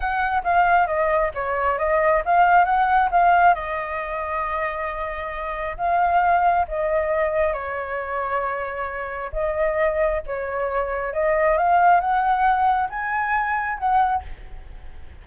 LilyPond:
\new Staff \with { instrumentName = "flute" } { \time 4/4 \tempo 4 = 135 fis''4 f''4 dis''4 cis''4 | dis''4 f''4 fis''4 f''4 | dis''1~ | dis''4 f''2 dis''4~ |
dis''4 cis''2.~ | cis''4 dis''2 cis''4~ | cis''4 dis''4 f''4 fis''4~ | fis''4 gis''2 fis''4 | }